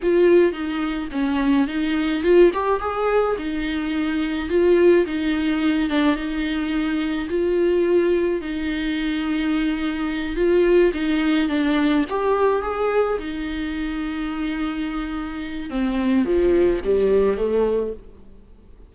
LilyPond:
\new Staff \with { instrumentName = "viola" } { \time 4/4 \tempo 4 = 107 f'4 dis'4 cis'4 dis'4 | f'8 g'8 gis'4 dis'2 | f'4 dis'4. d'8 dis'4~ | dis'4 f'2 dis'4~ |
dis'2~ dis'8 f'4 dis'8~ | dis'8 d'4 g'4 gis'4 dis'8~ | dis'1 | c'4 f4 g4 a4 | }